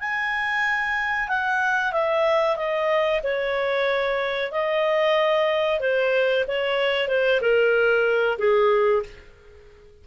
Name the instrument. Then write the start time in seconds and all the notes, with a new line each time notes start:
clarinet
0.00 G#5
1.29 F#5
1.93 E5
2.57 D#5
3.24 C#5
4.52 D#5
5.81 C5
6.48 C#5
7.09 C5
7.41 A#4
8.39 G#4